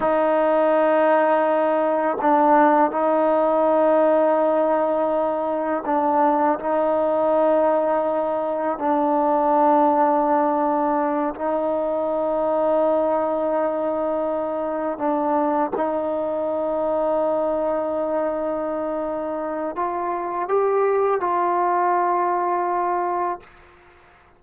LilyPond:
\new Staff \with { instrumentName = "trombone" } { \time 4/4 \tempo 4 = 82 dis'2. d'4 | dis'1 | d'4 dis'2. | d'2.~ d'8 dis'8~ |
dis'1~ | dis'8 d'4 dis'2~ dis'8~ | dis'2. f'4 | g'4 f'2. | }